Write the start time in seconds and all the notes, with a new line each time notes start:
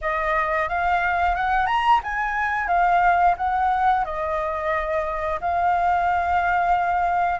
0.01 D#5
0.68 F5
1.35 F#5
1.66 A#5
2.03 G#5
2.67 F5
3.37 F#5
4.04 D#5
5.40 F5